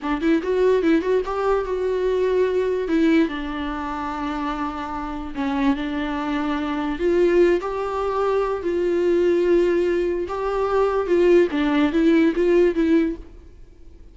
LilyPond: \new Staff \with { instrumentName = "viola" } { \time 4/4 \tempo 4 = 146 d'8 e'8 fis'4 e'8 fis'8 g'4 | fis'2. e'4 | d'1~ | d'4 cis'4 d'2~ |
d'4 f'4. g'4.~ | g'4 f'2.~ | f'4 g'2 f'4 | d'4 e'4 f'4 e'4 | }